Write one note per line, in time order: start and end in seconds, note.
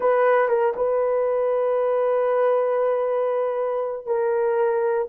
0.00 0.48 B4
0.48 0.73 A#4
0.75 4.06 B4
4.06 5.08 A#4